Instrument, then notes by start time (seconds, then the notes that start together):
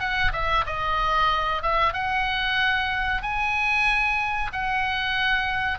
oboe
0.00 F#5
0.33 E5
0.66 D#5
1.62 E5
1.94 F#5
3.22 G#5
4.53 F#5